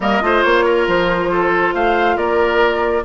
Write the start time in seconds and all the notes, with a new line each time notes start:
0.00 G3 A#3 A#4 D#5
0.21 A3 F4 C5
0.43 A#3 C#5
0.65 A#4
0.87 F3 C5
1.31 A4
1.74 A3 C5 F5
2.16 A#3 A#4 D5